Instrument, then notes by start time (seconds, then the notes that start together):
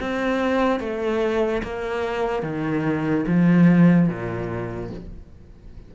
cello
0.00 C4
0.80 A3
1.63 A#3
2.42 D#3
3.27 F3
4.08 A#2